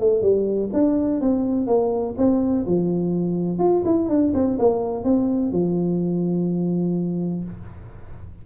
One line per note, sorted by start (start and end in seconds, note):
0.00 0.22 A3
0.22 0.70 G3
0.73 1.21 D4
1.21 1.67 C4
1.67 2.15 A#3
2.18 2.66 C4
2.66 3.59 F3
3.59 3.83 F4
3.86 4.09 E4
4.09 4.33 D4
4.34 4.58 C4
4.59 5.04 A#3
5.04 5.52 C4
5.52 7.44 F3